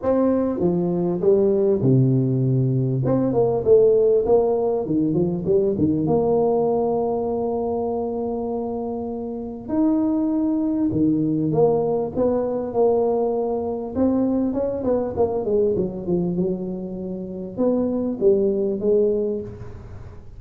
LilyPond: \new Staff \with { instrumentName = "tuba" } { \time 4/4 \tempo 4 = 99 c'4 f4 g4 c4~ | c4 c'8 ais8 a4 ais4 | dis8 f8 g8 dis8 ais2~ | ais1 |
dis'2 dis4 ais4 | b4 ais2 c'4 | cis'8 b8 ais8 gis8 fis8 f8 fis4~ | fis4 b4 g4 gis4 | }